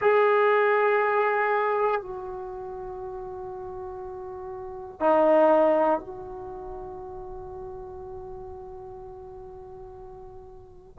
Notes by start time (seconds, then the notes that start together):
0.01 G#4
2.00 F#4
5.00 D#4
6.00 F#4